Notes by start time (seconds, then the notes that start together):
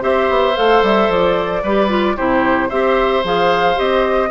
0.00 C4 G4 C5 E5
0.29 B3
0.56 A3 A4 F5
0.82 G3 E5
1.09 F3 D5
1.63 G3 G4 B4
1.88 F4
2.16 C3 E4 G4 C5
2.69 C4 G4 C5 E5
3.24 F3 G#4 F5
3.75 C4 G4 D#5